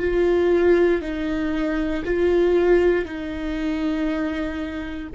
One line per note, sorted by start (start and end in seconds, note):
0.00 1.02 F4
1.02 2.03 D#4
2.06 3.05 F4
3.05 5.08 D#4